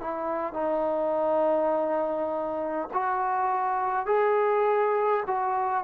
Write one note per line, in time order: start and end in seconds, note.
0.00 0.53 E4
0.53 2.88 D#4
2.94 4.06 F#4
4.06 5.24 G#4
5.27 5.84 F#4